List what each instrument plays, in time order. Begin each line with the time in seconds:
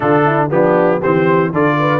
0.00 tuba D3, trombone D4, horn F4, trumpet A4
0.25 horn E4
0.50 tuba F3, trombone B3, horn D4, trumpet G4
1.00 tuba E3, trombone C4, horn G4, trumpet C5
1.52 tuba D3, trombone F4, horn A4, trumpet D5
1.79 horn B4